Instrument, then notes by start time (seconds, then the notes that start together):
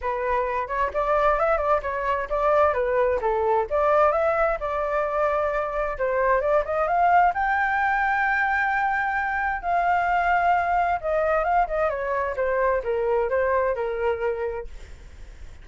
flute
0.01 B4
0.67 C#5
0.93 D5
1.39 E5
1.57 D5
1.82 C#5
2.29 D5
2.73 B4
3.21 A4
3.70 D5
4.12 E5
4.60 D5
5.98 C5
6.40 D5
6.65 D#5
6.87 F5
7.34 G5
9.62 F5
11.00 D#5
11.44 F5
11.67 D#5
11.89 C#5
12.36 C5
12.83 A#4
13.29 C5
13.75 A#4